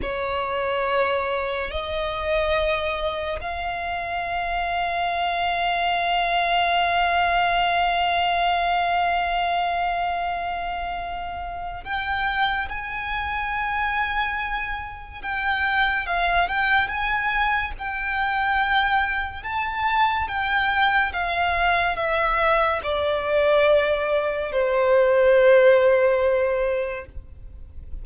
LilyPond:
\new Staff \with { instrumentName = "violin" } { \time 4/4 \tempo 4 = 71 cis''2 dis''2 | f''1~ | f''1~ | f''2 g''4 gis''4~ |
gis''2 g''4 f''8 g''8 | gis''4 g''2 a''4 | g''4 f''4 e''4 d''4~ | d''4 c''2. | }